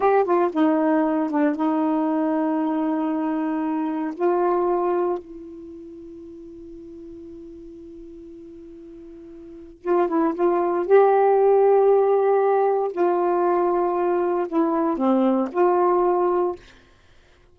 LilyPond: \new Staff \with { instrumentName = "saxophone" } { \time 4/4 \tempo 4 = 116 g'8 f'8 dis'4. d'8 dis'4~ | dis'1 | f'2 e'2~ | e'1~ |
e'2. f'8 e'8 | f'4 g'2.~ | g'4 f'2. | e'4 c'4 f'2 | }